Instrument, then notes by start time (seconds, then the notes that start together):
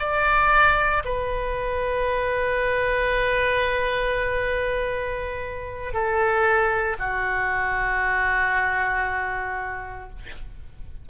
oboe
0.00 D5
1.05 B4
5.94 A4
6.99 F#4